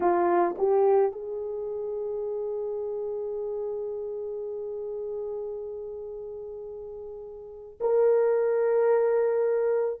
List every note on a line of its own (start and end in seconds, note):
0.00 0.55 F4
0.58 1.12 G4
1.12 7.78 G#4
7.80 10.00 A#4